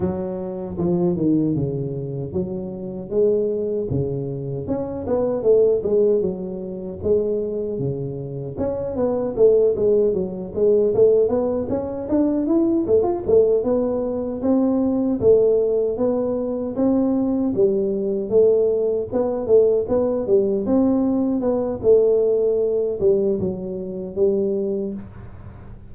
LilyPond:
\new Staff \with { instrumentName = "tuba" } { \time 4/4 \tempo 4 = 77 fis4 f8 dis8 cis4 fis4 | gis4 cis4 cis'8 b8 a8 gis8 | fis4 gis4 cis4 cis'8 b8 | a8 gis8 fis8 gis8 a8 b8 cis'8 d'8 |
e'8 a16 f'16 a8 b4 c'4 a8~ | a8 b4 c'4 g4 a8~ | a8 b8 a8 b8 g8 c'4 b8 | a4. g8 fis4 g4 | }